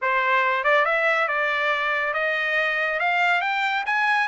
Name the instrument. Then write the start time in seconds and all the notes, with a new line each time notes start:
trumpet
0.01 C5
0.64 D5
0.85 E5
1.28 D5
2.13 D#5
2.99 F5
3.41 G5
3.86 G#5